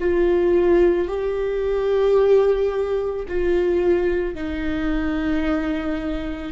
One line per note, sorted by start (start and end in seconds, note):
0.00 1.08 F4
1.08 3.26 G4
3.28 4.34 F4
4.34 6.52 D#4